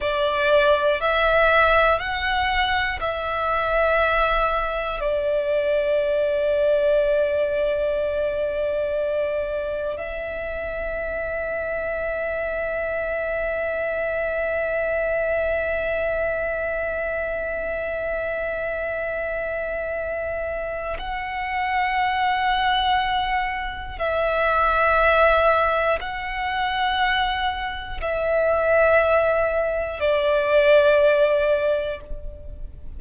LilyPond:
\new Staff \with { instrumentName = "violin" } { \time 4/4 \tempo 4 = 60 d''4 e''4 fis''4 e''4~ | e''4 d''2.~ | d''2 e''2~ | e''1~ |
e''1~ | e''4 fis''2. | e''2 fis''2 | e''2 d''2 | }